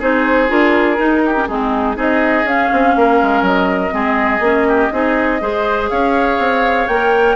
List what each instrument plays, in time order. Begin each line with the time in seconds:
0.00 bassoon C4, clarinet D#4, oboe G#4, flute C5
0.49 bassoon D4, clarinet F4, flute A#4
0.98 clarinet D#4, bassoon D#4
1.26 oboe G4
1.35 clarinet C#4
1.47 bassoon G#3, clarinet C4, oboe D#4, flute G#4
1.96 bassoon C4, clarinet D#4, oboe G#4, flute D#5
2.44 bassoon C#4, clarinet C#4, flute F5
2.73 bassoon C4
2.96 bassoon A#3, oboe A#4
3.23 bassoon G#3
3.42 bassoon F#3, flute D#5
3.91 bassoon G#3, clarinet C4, oboe G#4
4.40 bassoon A#3, clarinet C#4
4.68 oboe G4
4.92 bassoon C4, clarinet D#4, oboe G#4
5.41 bassoon G#3, clarinet G#4, oboe C5
5.90 bassoon C#4, oboe C#5, flute F5
6.39 bassoon C4
6.88 bassoon A#3, clarinet A#4, flute G5